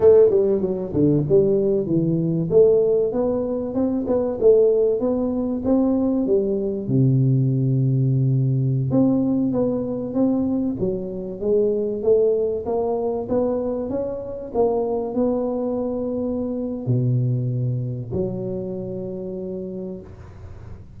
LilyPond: \new Staff \with { instrumentName = "tuba" } { \time 4/4 \tempo 4 = 96 a8 g8 fis8 d8 g4 e4 | a4 b4 c'8 b8 a4 | b4 c'4 g4 c4~ | c2~ c16 c'4 b8.~ |
b16 c'4 fis4 gis4 a8.~ | a16 ais4 b4 cis'4 ais8.~ | ais16 b2~ b8. b,4~ | b,4 fis2. | }